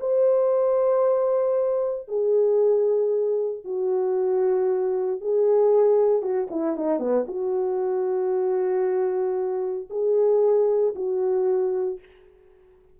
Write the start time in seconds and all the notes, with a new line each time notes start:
0.00 C5
2.08 G#4
3.65 F#4
5.21 G#4
6.22 F#4
6.51 E4
6.77 D#4
7.00 B3
7.28 F#4
9.90 G#4
10.95 F#4